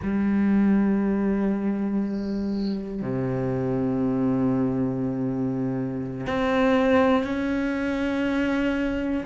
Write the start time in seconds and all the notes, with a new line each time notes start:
0.02 G3
3.01 C3
6.26 C4
7.24 C#4